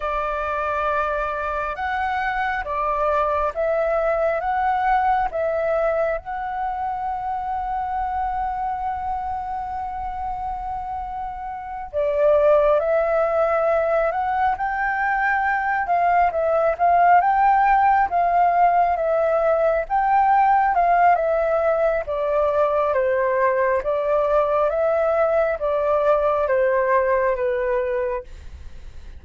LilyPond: \new Staff \with { instrumentName = "flute" } { \time 4/4 \tempo 4 = 68 d''2 fis''4 d''4 | e''4 fis''4 e''4 fis''4~ | fis''1~ | fis''4. d''4 e''4. |
fis''8 g''4. f''8 e''8 f''8 g''8~ | g''8 f''4 e''4 g''4 f''8 | e''4 d''4 c''4 d''4 | e''4 d''4 c''4 b'4 | }